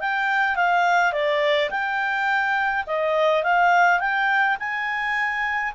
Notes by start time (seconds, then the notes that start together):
0.00 G5
0.56 F5
1.12 D5
1.70 G5
2.86 D#5
3.43 F5
3.99 G5
4.59 G#5